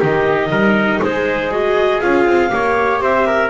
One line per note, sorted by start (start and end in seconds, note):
0.00 0.51 D#3
0.00 1.51 D#4
0.00 0.50 G4
0.00 1.02 D#5
0.51 1.01 G3
0.51 1.01 A#4
1.03 2.03 G#3
1.03 2.54 G#4
1.03 1.52 C5
1.51 2.01 F#4
1.51 2.00 D#5
2.00 2.26 C#4
2.00 2.50 F4
2.00 3.00 F5
2.26 2.51 C4
2.50 3.01 A#3
2.50 3.50 G4
2.50 3.02 C#5
3.01 3.50 C4
3.01 3.27 C5
3.01 3.50 E5
3.27 3.50 A#4